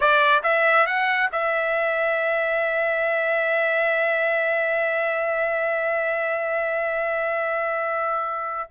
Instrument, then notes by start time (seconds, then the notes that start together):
trumpet
0.00 D5
0.43 E5
0.86 F#5
1.31 E5